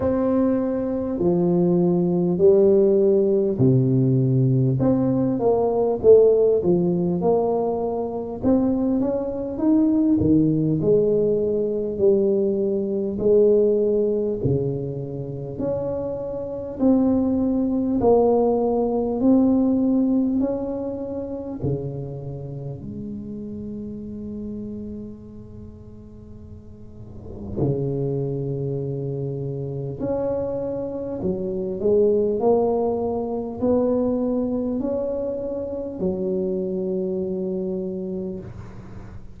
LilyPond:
\new Staff \with { instrumentName = "tuba" } { \time 4/4 \tempo 4 = 50 c'4 f4 g4 c4 | c'8 ais8 a8 f8 ais4 c'8 cis'8 | dis'8 dis8 gis4 g4 gis4 | cis4 cis'4 c'4 ais4 |
c'4 cis'4 cis4 gis4~ | gis2. cis4~ | cis4 cis'4 fis8 gis8 ais4 | b4 cis'4 fis2 | }